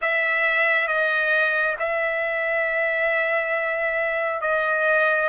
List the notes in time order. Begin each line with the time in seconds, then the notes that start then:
0.01 E5
0.87 D#5
1.79 E5
4.41 D#5